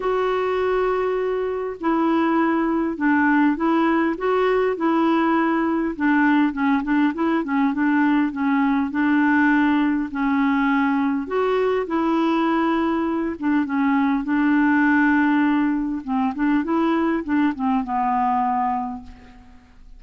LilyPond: \new Staff \with { instrumentName = "clarinet" } { \time 4/4 \tempo 4 = 101 fis'2. e'4~ | e'4 d'4 e'4 fis'4 | e'2 d'4 cis'8 d'8 | e'8 cis'8 d'4 cis'4 d'4~ |
d'4 cis'2 fis'4 | e'2~ e'8 d'8 cis'4 | d'2. c'8 d'8 | e'4 d'8 c'8 b2 | }